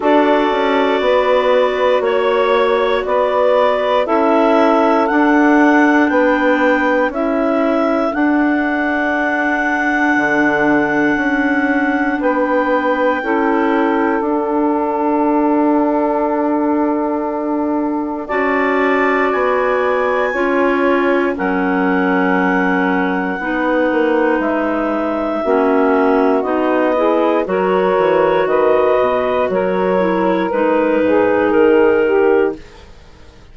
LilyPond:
<<
  \new Staff \with { instrumentName = "clarinet" } { \time 4/4 \tempo 4 = 59 d''2 cis''4 d''4 | e''4 fis''4 g''4 e''4 | fis''1 | g''2 fis''2~ |
fis''2 a''4 gis''4~ | gis''4 fis''2. | e''2 dis''4 cis''4 | dis''4 cis''4 b'4 ais'4 | }
  \new Staff \with { instrumentName = "saxophone" } { \time 4/4 a'4 b'4 cis''4 b'4 | a'2 b'4 a'4~ | a'1 | b'4 a'2.~ |
a'2 d''2 | cis''4 ais'2 b'4~ | b'4 fis'4. gis'8 ais'4 | b'4 ais'4. gis'4 g'8 | }
  \new Staff \with { instrumentName = "clarinet" } { \time 4/4 fis'1 | e'4 d'2 e'4 | d'1~ | d'4 e'4 d'2~ |
d'2 fis'2 | f'4 cis'2 dis'4~ | dis'4 cis'4 dis'8 e'8 fis'4~ | fis'4. e'8 dis'2 | }
  \new Staff \with { instrumentName = "bassoon" } { \time 4/4 d'8 cis'8 b4 ais4 b4 | cis'4 d'4 b4 cis'4 | d'2 d4 cis'4 | b4 cis'4 d'2~ |
d'2 cis'4 b4 | cis'4 fis2 b8 ais8 | gis4 ais4 b4 fis8 e8 | dis8 b,8 fis4 gis8 gis,8 dis4 | }
>>